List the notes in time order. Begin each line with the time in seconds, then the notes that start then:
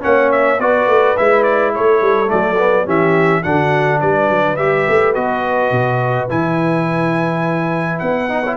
0.00 A#3 C#4 C#5 F#5
0.31 E5
0.58 B3 F#4 B4 D5
0.87 A3
1.17 G#3 E4 E5
1.43 D5
1.74 A3 A4 C#5
2.01 G3
2.26 F#3 A3 D5
2.58 B3
2.85 E3 C#4 G4 E5
3.43 D3 D4 F#4 F#5
3.99 G3 B4 D5
4.29 F#3
4.56 G3 G4 E5
4.88 A3
5.14 B3 F#4 D#5
5.71 B2
6.29 E3 E4 G#5
7.99 B3 F#5
8.28 D#4
8.41 E4 C#5